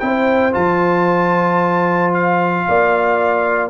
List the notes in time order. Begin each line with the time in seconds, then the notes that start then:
0.00 C4 E4 C5 G5
0.53 F3 F4 A5
2.14 F5
2.67 A#3 D5